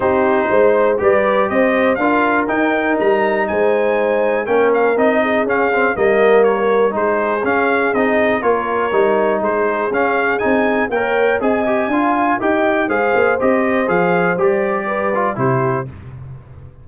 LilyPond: <<
  \new Staff \with { instrumentName = "trumpet" } { \time 4/4 \tempo 4 = 121 c''2 d''4 dis''4 | f''4 g''4 ais''4 gis''4~ | gis''4 g''8 f''8 dis''4 f''4 | dis''4 cis''4 c''4 f''4 |
dis''4 cis''2 c''4 | f''4 gis''4 g''4 gis''4~ | gis''4 g''4 f''4 dis''4 | f''4 d''2 c''4 | }
  \new Staff \with { instrumentName = "horn" } { \time 4/4 g'4 c''4 b'4 c''4 | ais'2. c''4~ | c''4 ais'4. gis'4. | ais'2 gis'2~ |
gis'4 ais'2 gis'4~ | gis'2 cis''4 dis''4 | f''4 dis''4 c''2~ | c''2 b'4 g'4 | }
  \new Staff \with { instrumentName = "trombone" } { \time 4/4 dis'2 g'2 | f'4 dis'2.~ | dis'4 cis'4 dis'4 cis'8 c'8 | ais2 dis'4 cis'4 |
dis'4 f'4 dis'2 | cis'4 dis'4 ais'4 gis'8 g'8 | f'4 g'4 gis'4 g'4 | gis'4 g'4. f'8 e'4 | }
  \new Staff \with { instrumentName = "tuba" } { \time 4/4 c'4 gis4 g4 c'4 | d'4 dis'4 g4 gis4~ | gis4 ais4 c'4 cis'4 | g2 gis4 cis'4 |
c'4 ais4 g4 gis4 | cis'4 c'4 ais4 c'4 | d'4 dis'4 gis8 ais8 c'4 | f4 g2 c4 | }
>>